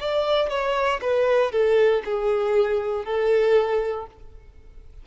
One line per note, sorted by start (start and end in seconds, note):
0.00 0.49 D5
0.49 1.00 C#5
1.02 1.52 B4
1.52 2.02 A4
2.05 3.05 G#4
3.05 4.07 A4